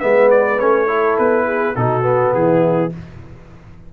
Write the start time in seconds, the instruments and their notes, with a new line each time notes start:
0.00 tuba G#3, trombone B3, horn B4, trumpet E5
0.30 trumpet D5
0.59 tuba A3, trombone C#4, trumpet C#5
0.87 trombone E4, horn A4
1.18 tuba B3, trumpet B4
1.46 horn G#4
1.76 tuba B2, trombone D#4, horn F#4, trumpet A4
2.03 trombone B3
2.34 tuba E3, horn E4, trumpet G#4